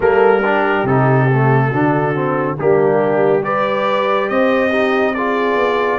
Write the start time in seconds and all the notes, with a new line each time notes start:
0.00 G3 A#3 A4 A#4
0.41 D4 G4
0.84 C3 D#4 A4
1.31 A3
1.69 D3 D4 F#4
2.14 C4
2.59 G3 A#3 D4 G4
3.42 G4 B4 D5
4.28 C4 C5 D#5
4.70 D#4 G4
5.14 F4 G#4 D5
5.55 B3